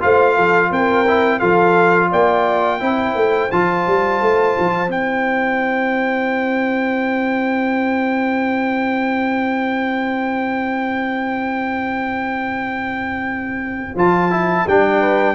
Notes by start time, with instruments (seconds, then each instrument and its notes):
0.00 tuba A3, trombone F4, horn C5, trumpet F5
0.35 tuba F3, horn A4
0.71 tuba C4, horn A#4, trumpet G5
1.07 trombone E4
1.39 tuba F3, trombone F4, horn A4, trumpet F5
2.10 tuba A#3, horn D5, trumpet G5
2.80 tuba C4, trombone E4, horn C5
3.15 tuba A3
3.51 tuba F3, trombone F4, trumpet A5
3.87 tuba G3
4.21 tuba A3
4.59 tuba F3
4.87 tuba C4, trombone E4, trumpet G5
13.96 tuba F3, trombone F4, trumpet A5
14.31 trombone E4
14.67 tuba G3, trombone D4, trumpet G5
15.00 horn B4